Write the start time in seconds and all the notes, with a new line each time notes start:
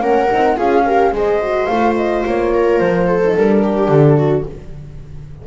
0.00 A#3 C#4 A#4 F#5
0.30 C4 D#4
0.56 C#4 F4 G#4 F5
0.85 G4 A#4
1.11 G#3 G#4 C5 D#5
1.41 F#4
1.65 A3 F4 F5
1.96 D#5
2.26 A#3 C#5
2.53 A#4
2.79 F3 C5
3.07 A4
3.24 D#4
3.35 G3 D4 A#4
3.62 G4
3.88 D3 A4
4.17 F#4